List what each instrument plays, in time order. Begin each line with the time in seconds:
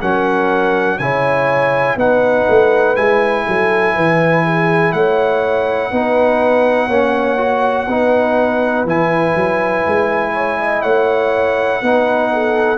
0.00 tuba F#3, trombone C#4, horn A#4, trumpet F#5
0.99 tuba C#3, trombone E4, horn C#5, trumpet G#5
1.96 tuba B3, trombone D#4, horn B4, trumpet F#5
2.49 tuba A3
2.96 tuba G#3, trombone E4, trumpet G#5
3.47 tuba F#3, horn A4
3.95 tuba E3, horn B4
4.44 horn G#4
4.92 tuba A3, horn C#5, trumpet F#5
5.91 tuba B3, trombone D#4, horn B4
6.88 tuba A#3, trombone C#4, horn C#5
7.38 trombone F#4
7.87 tuba B3, trombone D#4, horn B4
8.85 tuba E3, trombone E4, trumpet G#5
9.36 tuba F#3
9.87 tuba G#3
10.34 horn C#5
10.59 horn D#5
10.82 tuba A3, horn C#5, trumpet F#5
11.82 tuba B3, trombone D#4, horn B4
12.33 horn A4